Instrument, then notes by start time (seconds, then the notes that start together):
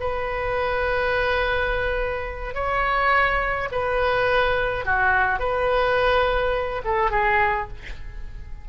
oboe
0.00 B4
2.55 C#5
3.72 B4
4.85 F#4
5.39 B4
6.84 A4
7.11 G#4